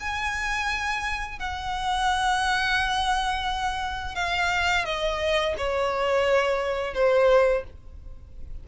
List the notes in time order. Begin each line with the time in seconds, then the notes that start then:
0.00 G#5
1.39 F#5
4.15 F5
4.85 D#5
5.58 C#5
6.94 C5